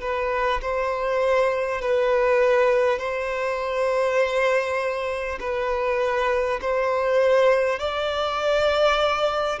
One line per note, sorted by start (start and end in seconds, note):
0.00 0.60 B4
0.61 1.81 C5
1.81 2.98 B4
2.98 5.38 C5
5.39 6.59 B4
6.61 7.79 C5
7.79 9.59 D5